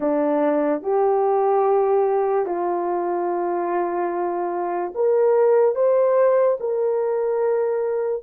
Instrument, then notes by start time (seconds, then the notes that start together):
horn
0.00 D4
0.82 G4
2.46 F4
4.95 A#4
5.75 C5
6.59 A#4